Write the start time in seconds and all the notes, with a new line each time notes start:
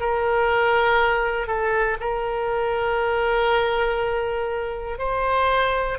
0.00 A#4
1.48 A4
2.00 A#4
4.99 C5